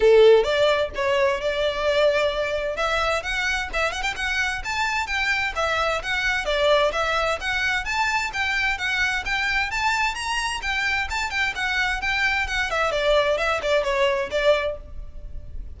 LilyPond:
\new Staff \with { instrumentName = "violin" } { \time 4/4 \tempo 4 = 130 a'4 d''4 cis''4 d''4~ | d''2 e''4 fis''4 | e''8 fis''16 g''16 fis''4 a''4 g''4 | e''4 fis''4 d''4 e''4 |
fis''4 a''4 g''4 fis''4 | g''4 a''4 ais''4 g''4 | a''8 g''8 fis''4 g''4 fis''8 e''8 | d''4 e''8 d''8 cis''4 d''4 | }